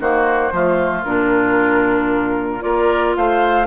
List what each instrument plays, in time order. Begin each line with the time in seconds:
0.00 bassoon D#3, clarinet A#3, oboe F#4, flute C5
0.52 bassoon F3, clarinet A3, oboe F4
1.05 bassoon A#2, clarinet D4, flute A#4
2.61 bassoon A#3, clarinet F4, oboe A#4, flute D5
3.17 bassoon A3, oboe C5, flute F5